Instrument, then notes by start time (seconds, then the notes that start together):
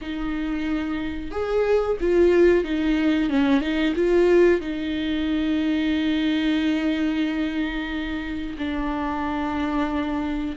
viola
0.01 D#4
1.31 G#4
2.00 F4
2.64 D#4
3.29 C#4
3.61 D#4
3.95 F4
4.60 D#4
8.58 D4